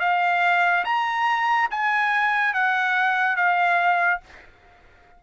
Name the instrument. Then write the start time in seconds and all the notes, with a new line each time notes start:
trumpet
0.00 F5
0.85 A#5
1.71 G#5
2.54 F#5
3.36 F5